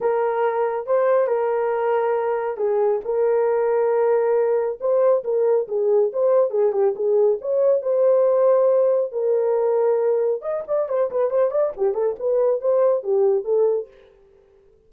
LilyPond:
\new Staff \with { instrumentName = "horn" } { \time 4/4 \tempo 4 = 138 ais'2 c''4 ais'4~ | ais'2 gis'4 ais'4~ | ais'2. c''4 | ais'4 gis'4 c''4 gis'8 g'8 |
gis'4 cis''4 c''2~ | c''4 ais'2. | dis''8 d''8 c''8 b'8 c''8 d''8 g'8 a'8 | b'4 c''4 g'4 a'4 | }